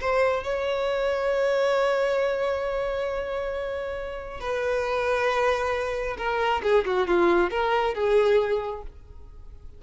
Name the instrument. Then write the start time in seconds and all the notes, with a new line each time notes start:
violin
0.00 C5
0.44 C#5
4.40 B4
6.17 A#4
6.63 G#4
6.85 F#4
7.07 F4
7.50 A#4
7.94 G#4